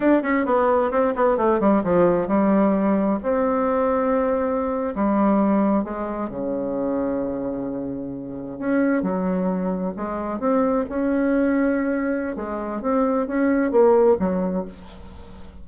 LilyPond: \new Staff \with { instrumentName = "bassoon" } { \time 4/4 \tempo 4 = 131 d'8 cis'8 b4 c'8 b8 a8 g8 | f4 g2 c'4~ | c'2~ c'8. g4~ g16~ | g8. gis4 cis2~ cis16~ |
cis2~ cis8. cis'4 fis16~ | fis4.~ fis16 gis4 c'4 cis'16~ | cis'2. gis4 | c'4 cis'4 ais4 fis4 | }